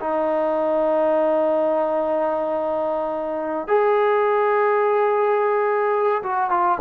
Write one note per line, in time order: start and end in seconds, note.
0.00 3.67 D#4
3.67 6.22 G#4
6.23 6.50 F#4
6.50 6.78 F4